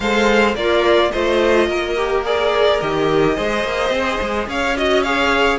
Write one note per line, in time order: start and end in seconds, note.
0.00 0.54 G#3
0.00 0.58 A4
0.00 0.57 C5
0.00 0.54 F5
0.54 1.10 A#3
0.54 1.12 F4
0.54 1.12 A#4
0.54 1.11 D5
1.11 1.67 A3
1.11 1.96 F4
1.11 1.68 C5
1.11 2.23 D#5
1.67 2.79 A#3
1.67 3.36 A#4
1.96 2.25 G4
2.25 2.80 G#4
2.25 2.80 D5
2.80 3.37 D#3
2.80 3.35 G4
2.80 4.48 D#5
3.35 3.64 G#3
3.35 4.75 G#4
3.35 4.48 C5
3.64 3.89 A#3
3.89 4.17 C4
4.21 4.47 G#3
4.47 5.59 C#4
4.47 4.76 C#5
4.47 4.77 F5
4.76 5.04 F#4
4.76 5.03 D#5
4.76 5.02 D#5
5.02 5.59 G#4
5.02 5.59 C#5
5.02 5.59 F5